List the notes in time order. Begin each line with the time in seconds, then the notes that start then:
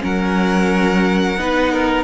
0.00 F#3 C#4 A#4 F#5
1.37 B3 D#4 B4
1.72 A#4